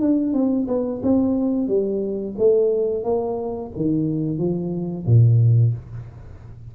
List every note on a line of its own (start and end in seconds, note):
0.00 0.33 D4
0.33 0.66 C4
0.67 1.01 B3
1.02 1.67 C4
1.67 2.35 G3
2.38 3.03 A3
3.03 3.71 A#3
3.76 4.38 D#3
4.38 5.05 F3
5.06 5.73 A#2